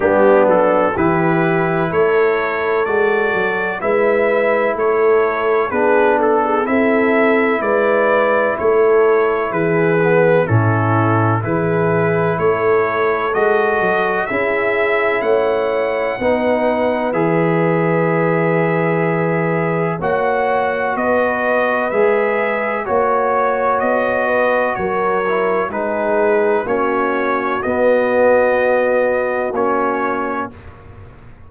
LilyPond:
<<
  \new Staff \with { instrumentName = "trumpet" } { \time 4/4 \tempo 4 = 63 g'8 a'8 b'4 cis''4 d''4 | e''4 cis''4 b'8 a'8 e''4 | d''4 cis''4 b'4 a'4 | b'4 cis''4 dis''4 e''4 |
fis''2 e''2~ | e''4 fis''4 dis''4 e''4 | cis''4 dis''4 cis''4 b'4 | cis''4 dis''2 cis''4 | }
  \new Staff \with { instrumentName = "horn" } { \time 4/4 d'4 g'4 a'2 | b'4 a'4 gis'8 a'16 gis'16 a'4 | b'4 a'4 gis'4 e'4 | gis'4 a'2 gis'4 |
cis''4 b'2.~ | b'4 cis''4 b'2 | cis''4. b'8 ais'4 gis'4 | fis'1 | }
  \new Staff \with { instrumentName = "trombone" } { \time 4/4 b4 e'2 fis'4 | e'2 d'4 e'4~ | e'2~ e'8 b8 cis'4 | e'2 fis'4 e'4~ |
e'4 dis'4 gis'2~ | gis'4 fis'2 gis'4 | fis'2~ fis'8 e'8 dis'4 | cis'4 b2 cis'4 | }
  \new Staff \with { instrumentName = "tuba" } { \time 4/4 g8 fis8 e4 a4 gis8 fis8 | gis4 a4 b4 c'4 | gis4 a4 e4 a,4 | e4 a4 gis8 fis8 cis'4 |
a4 b4 e2~ | e4 ais4 b4 gis4 | ais4 b4 fis4 gis4 | ais4 b2 ais4 | }
>>